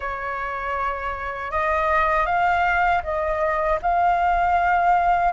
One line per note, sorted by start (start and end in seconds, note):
0.00 1.51 C#5
1.51 2.26 D#5
2.26 3.02 F5
3.03 3.79 D#5
3.82 5.32 F5